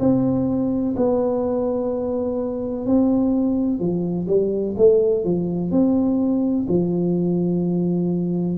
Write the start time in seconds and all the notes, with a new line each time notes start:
0.00 C4
0.97 B3
2.86 C4
3.80 F3
4.28 G3
4.77 A3
5.25 F3
5.71 C4
6.69 F3